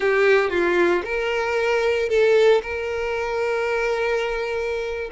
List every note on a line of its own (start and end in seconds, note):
0.00 0.50 G4
0.50 1.02 F4
1.04 2.09 A#4
2.09 2.61 A4
2.62 5.10 A#4